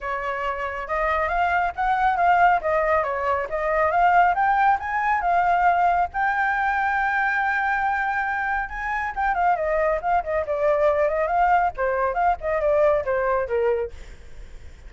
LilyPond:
\new Staff \with { instrumentName = "flute" } { \time 4/4 \tempo 4 = 138 cis''2 dis''4 f''4 | fis''4 f''4 dis''4 cis''4 | dis''4 f''4 g''4 gis''4 | f''2 g''2~ |
g''1 | gis''4 g''8 f''8 dis''4 f''8 dis''8 | d''4. dis''8 f''4 c''4 | f''8 dis''8 d''4 c''4 ais'4 | }